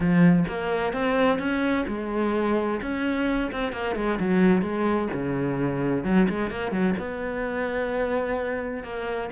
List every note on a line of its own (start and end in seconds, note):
0.00 0.44 F3
0.48 0.93 A#3
0.93 1.38 C4
1.38 1.85 C#4
1.87 2.80 G#3
2.81 3.51 C#4
3.52 3.72 C4
3.72 3.95 A#3
3.95 4.18 G#3
4.19 4.62 F#3
4.62 5.08 G#3
5.13 6.04 C#3
6.04 6.27 F#3
6.29 6.50 G#3
6.50 6.71 A#3
6.71 6.94 F#3
6.99 8.83 B3
8.83 9.30 A#3